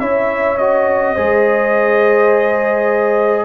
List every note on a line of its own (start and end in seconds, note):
0.00 1.17 C#4
0.00 0.59 E4
0.00 1.15 C#5
0.00 0.58 E5
0.58 1.17 F#4
0.58 3.46 D#5
1.15 3.46 G#3
1.15 3.46 G#4
1.15 3.46 C5